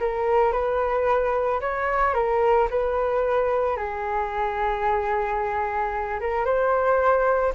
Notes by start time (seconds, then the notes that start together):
0.00 A#4
0.52 B4
1.61 C#5
2.14 A#4
2.70 B4
3.77 G#4
6.21 A#4
6.45 C5